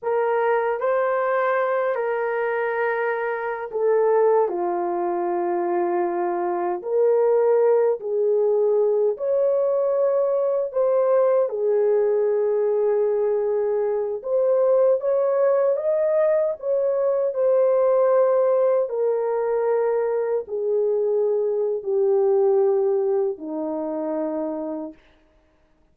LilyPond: \new Staff \with { instrumentName = "horn" } { \time 4/4 \tempo 4 = 77 ais'4 c''4. ais'4.~ | ais'8. a'4 f'2~ f'16~ | f'8. ais'4. gis'4. cis''16~ | cis''4.~ cis''16 c''4 gis'4~ gis'16~ |
gis'2~ gis'16 c''4 cis''8.~ | cis''16 dis''4 cis''4 c''4.~ c''16~ | c''16 ais'2 gis'4.~ gis'16 | g'2 dis'2 | }